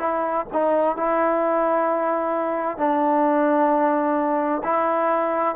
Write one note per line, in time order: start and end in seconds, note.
0.00 0.46 E4
0.53 0.97 D#4
0.97 2.78 E4
2.78 4.63 D4
4.64 5.56 E4